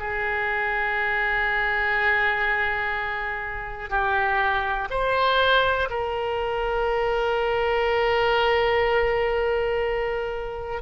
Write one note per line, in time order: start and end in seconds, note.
0.00 3.90 G#4
3.90 4.89 G4
4.90 5.89 C5
5.90 10.82 A#4